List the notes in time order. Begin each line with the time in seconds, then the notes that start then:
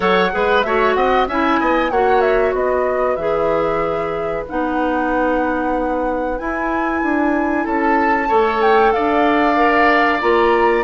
0.00 F#3 A4 C#5 F#5
0.32 G#3 G#4 B4
0.61 A3 F#4 C#5 E5
0.94 C4 D#5 F#5
1.27 C#4 E4 E5 G#5
1.59 B3 D#5
1.90 A#3 F#4 C#5 F#5
2.20 E5
2.53 B3 B4 D#5
3.16 E3 G#4 E5
4.48 B3 D#4 F#5
6.38 E4 G#5
7.03 D4
7.64 C#4 A4 A5
8.28 A3 A4 C#5
8.62 G5
8.92 D4 D5 F5
9.56 A#4
10.20 A#3 F4 A#5